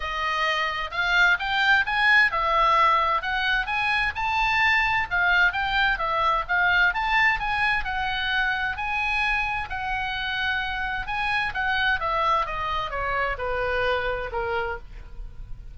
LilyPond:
\new Staff \with { instrumentName = "oboe" } { \time 4/4 \tempo 4 = 130 dis''2 f''4 g''4 | gis''4 e''2 fis''4 | gis''4 a''2 f''4 | g''4 e''4 f''4 a''4 |
gis''4 fis''2 gis''4~ | gis''4 fis''2. | gis''4 fis''4 e''4 dis''4 | cis''4 b'2 ais'4 | }